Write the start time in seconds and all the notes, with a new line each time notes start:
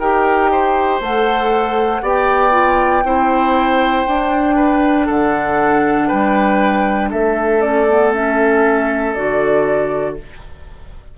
0.00 D#4 G4 A#4 G5
0.52 C5
1.01 A3 A4 F#5
2.02 B3 G4 D5 G5
2.51 F4
3.04 C4 E4 C5
4.08 D4
4.56 B4
5.06 D3 A4 F#5
6.08 G3 B4 G5
7.10 A3 A4 E5
7.61 C#4 D5
7.89 B3
8.14 C#4 E5
9.15 D3 F#4 D5